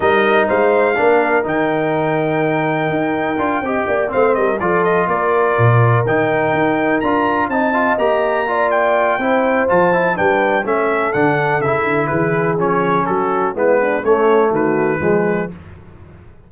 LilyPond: <<
  \new Staff \with { instrumentName = "trumpet" } { \time 4/4 \tempo 4 = 124 dis''4 f''2 g''4~ | g''1~ | g''8 f''8 dis''8 d''8 dis''8 d''4.~ | d''8 g''2 ais''4 a''8~ |
a''8 ais''4. g''2 | a''4 g''4 e''4 fis''4 | e''4 b'4 cis''4 a'4 | b'4 cis''4 b'2 | }
  \new Staff \with { instrumentName = "horn" } { \time 4/4 ais'4 c''4 ais'2~ | ais'2.~ ais'8 dis''8 | d''8 c''8 ais'8 a'4 ais'4.~ | ais'2.~ ais'8 dis''8~ |
dis''4. d''4. c''4~ | c''4 b'4 a'2~ | a'4 gis'2 fis'4 | e'8 d'8 cis'4 fis'4 gis'4 | }
  \new Staff \with { instrumentName = "trombone" } { \time 4/4 dis'2 d'4 dis'4~ | dis'2. f'8 g'8~ | g'8 c'4 f'2~ f'8~ | f'8 dis'2 f'4 dis'8 |
f'8 g'4 f'4. e'4 | f'8 e'8 d'4 cis'4 d'4 | e'2 cis'2 | b4 a2 gis4 | }
  \new Staff \with { instrumentName = "tuba" } { \time 4/4 g4 gis4 ais4 dis4~ | dis2 dis'4 d'8 c'8 | ais8 a8 g8 f4 ais4 ais,8~ | ais,8 dis4 dis'4 d'4 c'8~ |
c'8 ais2~ ais8 c'4 | f4 g4 a4 d4 | cis8 d8 e4 f4 fis4 | gis4 a4 dis4 f4 | }
>>